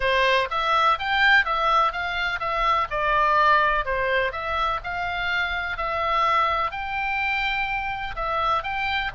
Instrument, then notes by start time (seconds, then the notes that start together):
oboe
0.00 C5
0.50 E5
0.98 G5
1.45 E5
1.92 F5
2.39 E5
2.90 D5
3.85 C5
4.32 E5
4.83 F5
5.77 E5
6.71 G5
8.15 E5
8.63 G5